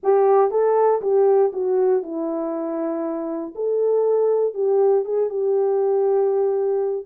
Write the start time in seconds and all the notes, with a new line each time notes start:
0.03 G4
0.50 A4
1.01 G4
1.52 F#4
2.02 E4
3.55 A4
4.54 G4
5.04 G#4
5.29 G4